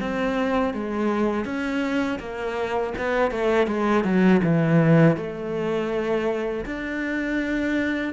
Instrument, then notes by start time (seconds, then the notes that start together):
cello
0.00 C4
0.73 G#3
1.45 C#4
2.19 A#3
2.98 B3
3.31 A3
3.67 G#3
4.04 F#3
4.43 E3
5.16 A3
6.65 D4